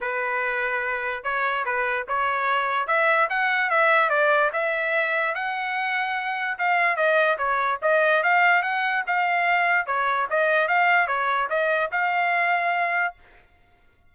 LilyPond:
\new Staff \with { instrumentName = "trumpet" } { \time 4/4 \tempo 4 = 146 b'2. cis''4 | b'4 cis''2 e''4 | fis''4 e''4 d''4 e''4~ | e''4 fis''2. |
f''4 dis''4 cis''4 dis''4 | f''4 fis''4 f''2 | cis''4 dis''4 f''4 cis''4 | dis''4 f''2. | }